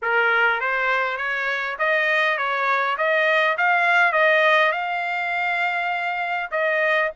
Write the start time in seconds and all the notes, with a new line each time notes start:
0.01 A#4
0.60 C5
1.17 C#5
1.78 D#5
2.37 C#5
2.97 D#5
3.57 F5
4.12 D#5
4.71 F5
6.51 D#5